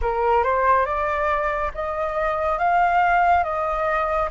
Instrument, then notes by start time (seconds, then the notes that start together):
flute
0.01 A#4
0.43 C5
0.85 D5
1.74 D#5
2.58 F5
3.43 D#5